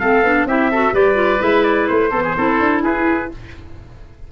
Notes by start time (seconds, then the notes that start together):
0.00 A3 C4 A4 F5
0.23 B3 D4
0.45 C4 E4 G4 E5
0.71 F#4 A4
0.93 G3 G4 B4 D5
1.15 F4
1.40 G#3 E4 E5
1.64 D5
1.88 A3 C5
2.11 E3 B3 A4
2.24 G#4
2.37 C4 E4 A4
2.60 D4
2.83 E4 G#4 B4